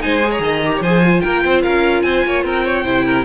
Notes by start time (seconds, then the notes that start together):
0.00 G#3 D#4 C5 G#5
0.22 G#4
0.31 C#5 A#5
0.39 D#3 D#5
0.65 G4
0.77 F3 C5 C#5 G#5
0.86 G#4
1.04 F4
1.20 A#3 A#4 G5
1.44 C4 C5
1.63 C#4 A#4 F5
2.02 C4 C5 G#5
2.25 A#3 C#5
2.44 C4 A#4 G5
2.64 C#5
2.84 C3 E4 C5
3.06 A#4